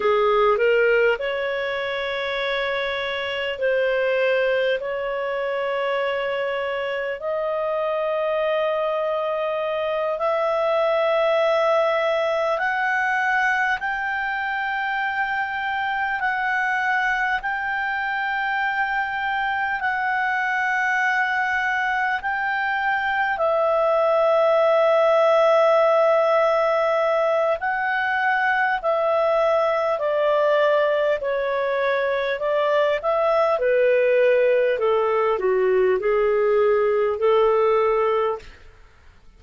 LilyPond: \new Staff \with { instrumentName = "clarinet" } { \time 4/4 \tempo 4 = 50 gis'8 ais'8 cis''2 c''4 | cis''2 dis''2~ | dis''8 e''2 fis''4 g''8~ | g''4. fis''4 g''4.~ |
g''8 fis''2 g''4 e''8~ | e''2. fis''4 | e''4 d''4 cis''4 d''8 e''8 | b'4 a'8 fis'8 gis'4 a'4 | }